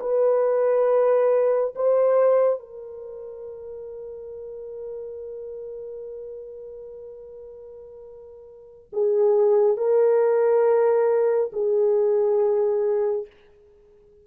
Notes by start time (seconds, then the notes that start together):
0.00 B4
1.75 C5
2.59 A#4
8.92 G#4
9.77 A#4
11.52 G#4